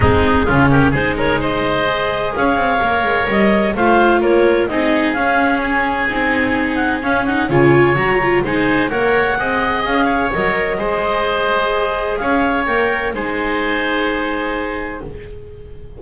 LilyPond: <<
  \new Staff \with { instrumentName = "clarinet" } { \time 4/4 \tempo 4 = 128 gis'4. ais'8 c''8 cis''8 dis''4~ | dis''4 f''2 dis''4 | f''4 cis''4 dis''4 f''4 | gis''2~ gis''8 fis''8 f''8 fis''8 |
gis''4 ais''4 gis''4 fis''4~ | fis''4 f''4 dis''2~ | dis''2 f''4 g''4 | gis''1 | }
  \new Staff \with { instrumentName = "oboe" } { \time 4/4 dis'4 f'8 g'8 gis'8 ais'8 c''4~ | c''4 cis''2. | c''4 ais'4 gis'2~ | gis'1 |
cis''2 c''4 cis''4 | dis''4. cis''4. c''4~ | c''2 cis''2 | c''1 | }
  \new Staff \with { instrumentName = "viola" } { \time 4/4 c'4 cis'4 dis'2 | gis'2 ais'2 | f'2 dis'4 cis'4~ | cis'4 dis'2 cis'8 dis'8 |
f'4 fis'8 f'8 dis'4 ais'4 | gis'2 ais'4 gis'4~ | gis'2. ais'4 | dis'1 | }
  \new Staff \with { instrumentName = "double bass" } { \time 4/4 gis4 cis4 gis2~ | gis4 cis'8 c'8 ais8 gis8 g4 | a4 ais4 c'4 cis'4~ | cis'4 c'2 cis'4 |
cis4 fis4 gis4 ais4 | c'4 cis'4 fis4 gis4~ | gis2 cis'4 ais4 | gis1 | }
>>